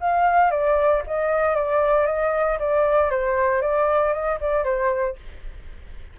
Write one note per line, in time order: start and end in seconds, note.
0.00 0.51 F5
0.51 1.02 D5
1.06 1.55 D#5
1.55 2.06 D5
2.06 2.58 D#5
2.59 3.10 D5
3.10 3.61 C5
3.61 4.13 D5
4.13 4.38 D#5
4.40 4.64 D5
4.64 5.16 C5